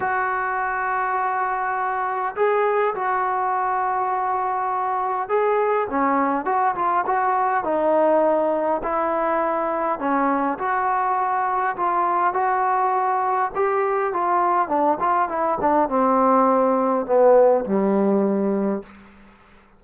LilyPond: \new Staff \with { instrumentName = "trombone" } { \time 4/4 \tempo 4 = 102 fis'1 | gis'4 fis'2.~ | fis'4 gis'4 cis'4 fis'8 f'8 | fis'4 dis'2 e'4~ |
e'4 cis'4 fis'2 | f'4 fis'2 g'4 | f'4 d'8 f'8 e'8 d'8 c'4~ | c'4 b4 g2 | }